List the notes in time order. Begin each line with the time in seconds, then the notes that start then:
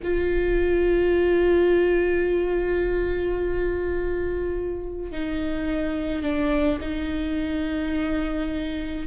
0.03 F4
5.11 D#4
6.22 D4
6.80 D#4